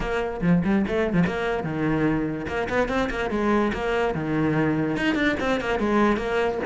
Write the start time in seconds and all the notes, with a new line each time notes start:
0.00 A#3
0.41 F3
0.64 G3
0.87 A3
1.13 F3
1.26 A#3
1.63 D#3
2.47 A#3
2.69 B3
2.88 C4
3.09 A#3
3.30 G#3
3.73 A#3
4.14 D#3
4.97 D#4
5.14 D4
5.40 C4
5.60 A#3
5.79 G#3
6.17 A#3